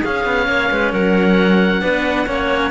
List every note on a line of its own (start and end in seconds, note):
0.00 1.82 C#4
0.00 0.45 G#4
0.00 0.94 F5
0.07 0.26 C#4
0.26 0.48 B3
0.48 0.71 A#3
0.48 0.71 C#5
0.71 0.93 G#3
0.71 0.93 B4
0.93 1.82 F#3
0.93 1.82 A#4
0.93 2.71 F#5
1.82 2.28 B3
1.82 2.26 D4
1.82 2.27 B4
2.27 2.71 A#3
2.27 2.71 C#4
2.27 2.71 C#5